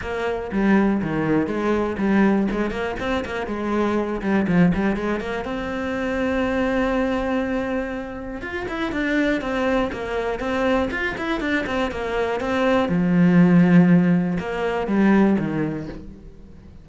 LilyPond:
\new Staff \with { instrumentName = "cello" } { \time 4/4 \tempo 4 = 121 ais4 g4 dis4 gis4 | g4 gis8 ais8 c'8 ais8 gis4~ | gis8 g8 f8 g8 gis8 ais8 c'4~ | c'1~ |
c'4 f'8 e'8 d'4 c'4 | ais4 c'4 f'8 e'8 d'8 c'8 | ais4 c'4 f2~ | f4 ais4 g4 dis4 | }